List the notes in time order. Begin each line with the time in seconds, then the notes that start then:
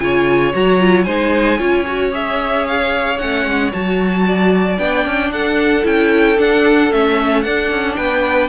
0.00 C#3 F4 C#5 G#5
0.53 F#3 F#4 A#5
0.80 F4
1.04 G#3 D#4 C5 G#5
1.58 C#4 F4 C#5
1.87 F#4
2.12 G#4 E5
2.67 F5
3.18 A3 C#4 F#5
3.46 G#3
3.73 F#3 F#4 A5
4.27 D5
4.78 B3 D4 G5
5.06 C#4
5.31 D4 A4 F#5
5.83 C#4 E4 G5
6.39 D4 F#5
6.91 A3 C#4 E5
7.43 D4 F#5
7.71 C#4
7.96 B3 B4 G5